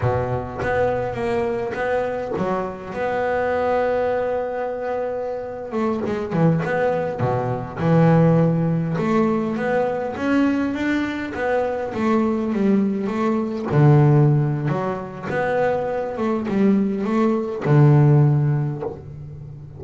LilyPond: \new Staff \with { instrumentName = "double bass" } { \time 4/4 \tempo 4 = 102 b,4 b4 ais4 b4 | fis4 b2.~ | b4.~ b16 a8 gis8 e8 b8.~ | b16 b,4 e2 a8.~ |
a16 b4 cis'4 d'4 b8.~ | b16 a4 g4 a4 d8.~ | d4 fis4 b4. a8 | g4 a4 d2 | }